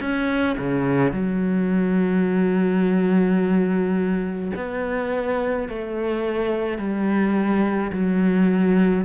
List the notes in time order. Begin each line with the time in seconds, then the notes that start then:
0.00 C#4
0.58 C#3
1.12 F#3
4.55 B3
5.68 A3
6.78 G3
7.92 F#3